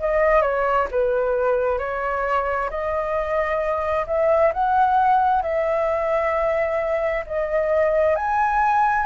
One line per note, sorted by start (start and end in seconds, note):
0.00 0.42 D#5
0.42 0.87 C#5
0.91 1.79 B4
1.79 2.69 C#5
2.70 4.06 D#5
4.07 4.52 E5
4.53 5.43 F#5
5.43 7.24 E5
7.26 8.16 D#5
8.16 9.06 G#5